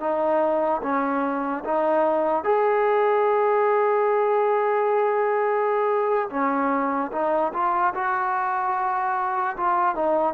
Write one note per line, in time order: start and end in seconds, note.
0.00 0.81 D#4
0.82 1.63 C#4
1.64 2.44 D#4
2.44 6.29 G#4
6.30 7.11 C#4
7.12 7.52 D#4
7.53 7.93 F4
7.94 9.56 F#4
9.56 9.95 F4
9.95 10.34 D#4